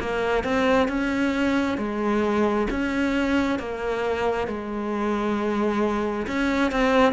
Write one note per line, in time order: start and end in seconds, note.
0.00 0.44 A#3
0.44 0.89 C4
0.89 1.78 C#4
1.78 2.68 G#3
2.71 3.59 C#4
3.59 4.48 A#3
4.48 6.27 G#3
6.27 6.72 C#4
6.72 7.14 C4